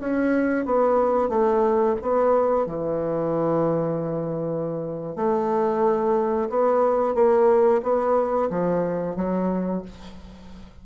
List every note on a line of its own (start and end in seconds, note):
0.00 0.65 C#4
0.65 1.29 B3
1.29 1.96 A3
2.02 2.66 B3
2.66 5.16 E3
5.16 6.49 A3
6.49 7.15 B3
7.15 7.81 A#3
7.83 8.49 B3
8.50 9.16 F3
9.16 9.82 F#3